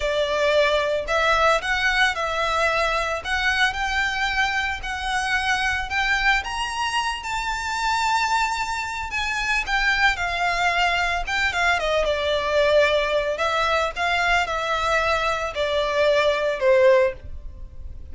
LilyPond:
\new Staff \with { instrumentName = "violin" } { \time 4/4 \tempo 4 = 112 d''2 e''4 fis''4 | e''2 fis''4 g''4~ | g''4 fis''2 g''4 | ais''4. a''2~ a''8~ |
a''4 gis''4 g''4 f''4~ | f''4 g''8 f''8 dis''8 d''4.~ | d''4 e''4 f''4 e''4~ | e''4 d''2 c''4 | }